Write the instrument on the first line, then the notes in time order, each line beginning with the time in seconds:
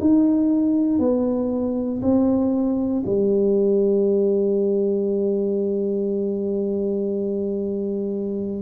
tuba
0.00 D#4
0.99 B3
2.02 C4
3.06 G3